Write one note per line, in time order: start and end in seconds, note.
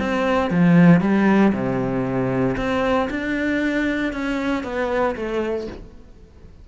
0.00 0.51 C4
0.51 1.01 F3
1.01 1.53 G3
1.53 2.56 C3
2.57 3.09 C4
3.10 4.13 D4
4.13 4.64 C#4
4.64 5.16 B3
5.16 5.67 A3